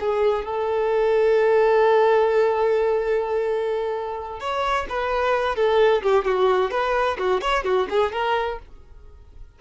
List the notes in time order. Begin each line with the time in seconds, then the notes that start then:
0.00 G#4
0.45 A4
4.40 C#5
4.89 B4
5.55 A4
6.02 G4
6.25 F#4
6.71 B4
7.18 F#4
7.41 C#5
7.64 F#4
7.89 G#4
8.12 A#4